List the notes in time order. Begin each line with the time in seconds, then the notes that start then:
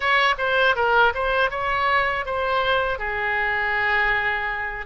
0.00 C#5
0.38 C5
0.75 A#4
1.14 C5
1.50 C#5
2.25 C5
2.99 G#4